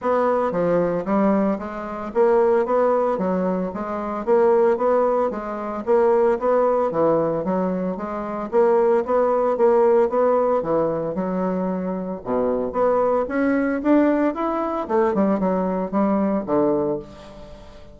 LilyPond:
\new Staff \with { instrumentName = "bassoon" } { \time 4/4 \tempo 4 = 113 b4 f4 g4 gis4 | ais4 b4 fis4 gis4 | ais4 b4 gis4 ais4 | b4 e4 fis4 gis4 |
ais4 b4 ais4 b4 | e4 fis2 b,4 | b4 cis'4 d'4 e'4 | a8 g8 fis4 g4 d4 | }